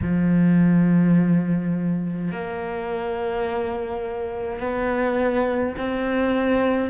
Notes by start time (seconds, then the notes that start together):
0.01 F3
2.31 A#3
4.59 B3
5.77 C4